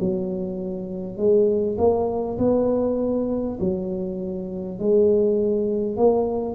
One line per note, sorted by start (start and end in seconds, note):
0.00 1.18 F#3
1.18 1.78 G#3
1.78 2.38 A#3
2.39 3.59 B3
3.61 4.79 F#3
4.79 5.97 G#3
5.97 6.56 A#3